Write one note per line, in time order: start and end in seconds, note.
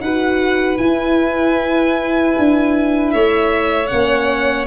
0.00 0.78 D#4
0.00 0.79 F#4
0.00 3.13 B4
0.00 0.77 F#5
0.77 2.34 E4
0.77 3.88 E4
0.77 3.11 G#5
2.38 3.13 D4
3.11 3.91 A3
3.11 4.67 C#5
3.11 3.87 E5
3.87 4.67 A#3
3.87 4.66 C#4
3.87 4.65 F#5